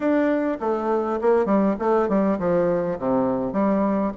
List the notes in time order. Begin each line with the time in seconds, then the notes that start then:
0.00 D4
0.60 A3
1.21 A#3
1.45 G3
1.79 A3
2.08 G3
2.38 F3
2.99 C3
3.52 G3